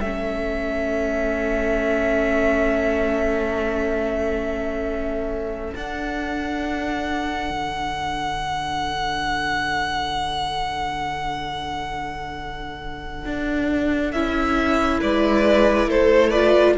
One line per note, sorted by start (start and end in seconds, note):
0.00 5.74 A3
0.00 5.72 C#4
0.00 15.00 A4
0.00 5.74 E5
5.72 14.10 D4
5.72 7.50 D4
5.72 14.11 F#5
7.50 13.23 D3
13.25 14.13 D4
14.11 15.01 C#4
14.11 16.34 E4
14.11 15.00 E5
15.00 15.87 G#3
15.00 15.88 B4
15.00 15.90 D5
15.87 16.75 A3
15.87 16.30 A4
15.87 16.30 C5
16.30 16.77 F4
16.30 16.74 B4
16.30 16.74 D5